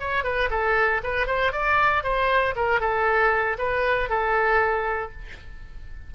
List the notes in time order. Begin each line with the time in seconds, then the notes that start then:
0.00 C#5
0.24 B4
0.50 A4
1.04 B4
1.27 C5
1.53 D5
2.04 C5
2.56 A#4
2.81 A4
3.59 B4
4.10 A4